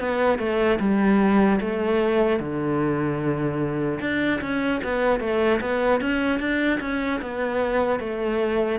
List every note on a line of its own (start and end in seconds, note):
0.00 0.39 B3
0.39 0.79 A3
0.80 1.60 G3
1.61 2.40 A3
2.40 4.00 D3
4.01 4.41 D4
4.41 4.81 C#4
4.84 5.20 B3
5.20 5.60 A3
5.61 6.01 B3
6.01 6.40 C#4
6.40 6.80 D4
6.81 7.21 C#4
7.22 8.00 B3
8.00 8.80 A3